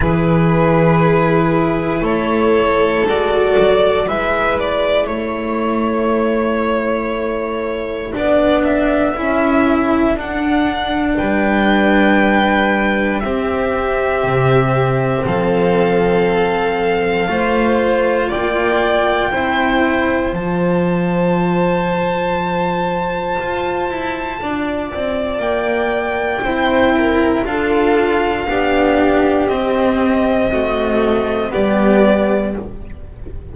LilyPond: <<
  \new Staff \with { instrumentName = "violin" } { \time 4/4 \tempo 4 = 59 b'2 cis''4 d''4 | e''8 d''8 cis''2. | d''8 e''4. fis''4 g''4~ | g''4 e''2 f''4~ |
f''2 g''2 | a''1~ | a''4 g''2 f''4~ | f''4 dis''2 d''4 | }
  \new Staff \with { instrumentName = "violin" } { \time 4/4 gis'2 a'2 | b'4 a'2.~ | a'2. b'4~ | b'4 g'2 a'4~ |
a'4 c''4 d''4 c''4~ | c''1 | d''2 c''8 ais'8 a'4 | g'2 fis'4 g'4 | }
  \new Staff \with { instrumentName = "cello" } { \time 4/4 e'2. fis'4 | e'1 | d'4 e'4 d'2~ | d'4 c'2.~ |
c'4 f'2 e'4 | f'1~ | f'2 e'4 f'4 | d'4 c'4 a4 b4 | }
  \new Staff \with { instrumentName = "double bass" } { \time 4/4 e2 a4 gis8 fis8 | gis4 a2. | b4 cis'4 d'4 g4~ | g4 c'4 c4 f4~ |
f4 a4 ais4 c'4 | f2. f'8 e'8 | d'8 c'8 ais4 c'4 d'4 | b4 c'2 g4 | }
>>